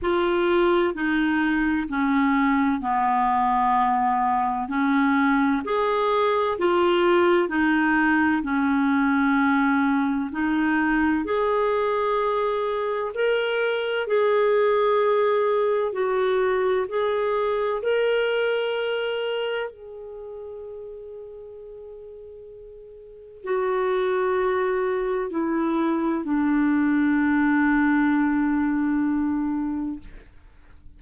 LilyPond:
\new Staff \with { instrumentName = "clarinet" } { \time 4/4 \tempo 4 = 64 f'4 dis'4 cis'4 b4~ | b4 cis'4 gis'4 f'4 | dis'4 cis'2 dis'4 | gis'2 ais'4 gis'4~ |
gis'4 fis'4 gis'4 ais'4~ | ais'4 gis'2.~ | gis'4 fis'2 e'4 | d'1 | }